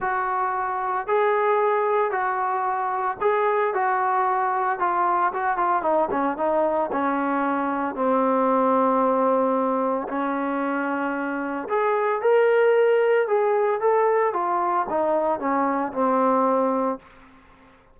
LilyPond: \new Staff \with { instrumentName = "trombone" } { \time 4/4 \tempo 4 = 113 fis'2 gis'2 | fis'2 gis'4 fis'4~ | fis'4 f'4 fis'8 f'8 dis'8 cis'8 | dis'4 cis'2 c'4~ |
c'2. cis'4~ | cis'2 gis'4 ais'4~ | ais'4 gis'4 a'4 f'4 | dis'4 cis'4 c'2 | }